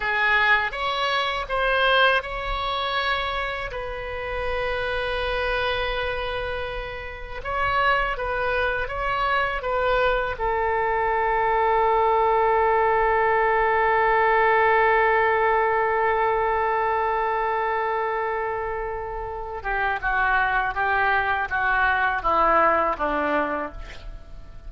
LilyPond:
\new Staff \with { instrumentName = "oboe" } { \time 4/4 \tempo 4 = 81 gis'4 cis''4 c''4 cis''4~ | cis''4 b'2.~ | b'2 cis''4 b'4 | cis''4 b'4 a'2~ |
a'1~ | a'1~ | a'2~ a'8 g'8 fis'4 | g'4 fis'4 e'4 d'4 | }